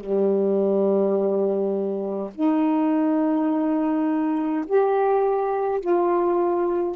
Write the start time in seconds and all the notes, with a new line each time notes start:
0.00 G3
2.34 D#4
4.66 G4
5.81 F4